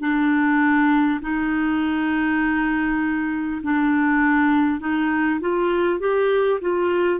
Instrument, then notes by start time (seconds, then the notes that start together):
clarinet
0.00 D4
1.21 D#4
3.62 D4
4.80 D#4
5.40 F4
5.99 G4
6.60 F4